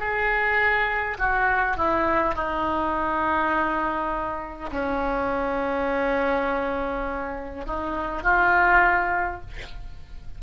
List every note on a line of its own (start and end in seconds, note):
0.00 1.18 G#4
1.18 1.76 F#4
1.76 2.35 E4
2.35 4.70 D#4
4.72 7.66 C#4
7.66 8.23 D#4
8.23 9.41 F4